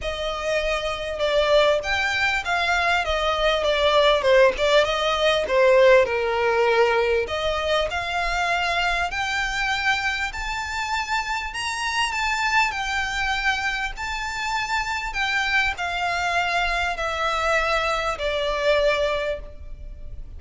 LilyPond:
\new Staff \with { instrumentName = "violin" } { \time 4/4 \tempo 4 = 99 dis''2 d''4 g''4 | f''4 dis''4 d''4 c''8 d''8 | dis''4 c''4 ais'2 | dis''4 f''2 g''4~ |
g''4 a''2 ais''4 | a''4 g''2 a''4~ | a''4 g''4 f''2 | e''2 d''2 | }